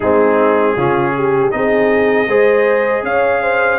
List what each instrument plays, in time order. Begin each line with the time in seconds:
0.00 tuba G#3, trombone C4, horn D#4, trumpet G#4
0.76 tuba C#3, trombone C#4, horn F4
1.16 horn G4
1.51 tuba C4, trombone D#4, horn G#4, trumpet D#5
2.27 tuba G#3, trombone G#4, horn C5
3.03 tuba C#4, horn C#5, trumpet F5
3.42 horn C5